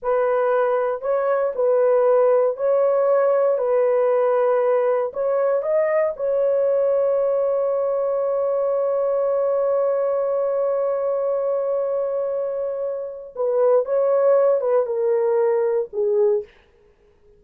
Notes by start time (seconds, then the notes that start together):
0.02 B4
1.01 C#5
1.55 B4
2.56 C#5
3.58 B4
5.13 C#5
5.62 D#5
6.16 C#5
13.35 B4
13.85 C#5
14.61 B4
14.86 A#4
15.92 G#4